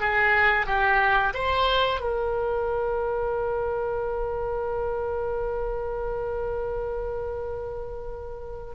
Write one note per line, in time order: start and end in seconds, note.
0.00 0.66 G#4
0.66 1.33 G4
1.34 2.00 C5
2.00 8.75 A#4